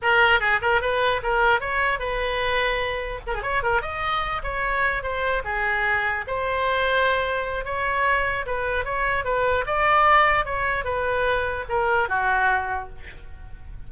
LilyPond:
\new Staff \with { instrumentName = "oboe" } { \time 4/4 \tempo 4 = 149 ais'4 gis'8 ais'8 b'4 ais'4 | cis''4 b'2. | ais'16 gis'16 cis''8 ais'8 dis''4. cis''4~ | cis''8 c''4 gis'2 c''8~ |
c''2. cis''4~ | cis''4 b'4 cis''4 b'4 | d''2 cis''4 b'4~ | b'4 ais'4 fis'2 | }